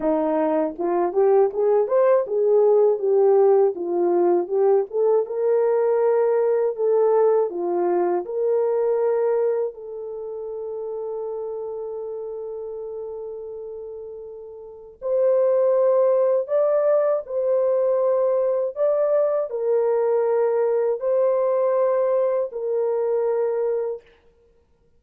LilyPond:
\new Staff \with { instrumentName = "horn" } { \time 4/4 \tempo 4 = 80 dis'4 f'8 g'8 gis'8 c''8 gis'4 | g'4 f'4 g'8 a'8 ais'4~ | ais'4 a'4 f'4 ais'4~ | ais'4 a'2.~ |
a'1 | c''2 d''4 c''4~ | c''4 d''4 ais'2 | c''2 ais'2 | }